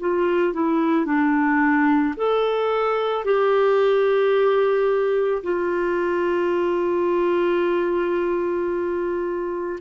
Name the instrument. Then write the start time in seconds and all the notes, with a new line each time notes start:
clarinet
0.00 F4
0.54 E4
1.06 D4
2.17 A4
3.25 G4
5.43 F4